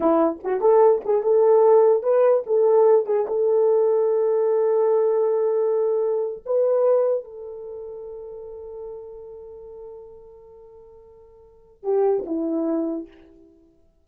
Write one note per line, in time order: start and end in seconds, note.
0.00 0.39 E4
0.43 0.60 F#4
0.60 1.01 A4
1.05 1.22 G#4
1.22 2.02 A4
2.02 2.43 B4
2.46 3.06 A4
3.06 3.26 G#4
3.27 6.43 A4
6.45 7.24 B4
7.24 11.83 A4
11.83 12.24 G4
12.26 13.07 E4